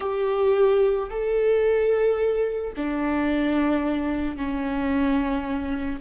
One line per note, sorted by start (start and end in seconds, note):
0.00 1.09 G4
1.10 2.73 A4
2.76 4.36 D4
4.36 6.00 C#4